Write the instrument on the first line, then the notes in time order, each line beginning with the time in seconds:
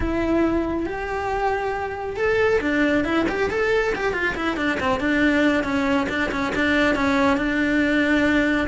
cello
0.00 E4
0.85 G4
2.16 A4
2.60 D4
3.04 E4
3.28 G4
3.50 A4
3.95 G4
4.13 F4
4.35 E4
4.56 D4
4.80 C4
5.00 D4
5.63 C#4
6.09 D4
6.31 C#4
6.55 D4
6.95 C#4
7.37 D4